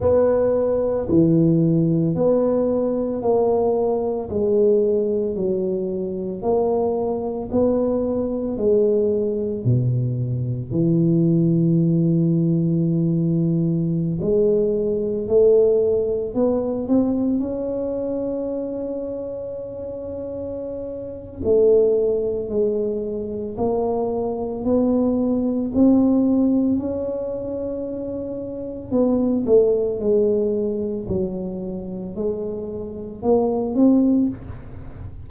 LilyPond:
\new Staff \with { instrumentName = "tuba" } { \time 4/4 \tempo 4 = 56 b4 e4 b4 ais4 | gis4 fis4 ais4 b4 | gis4 b,4 e2~ | e4~ e16 gis4 a4 b8 c'16~ |
c'16 cis'2.~ cis'8. | a4 gis4 ais4 b4 | c'4 cis'2 b8 a8 | gis4 fis4 gis4 ais8 c'8 | }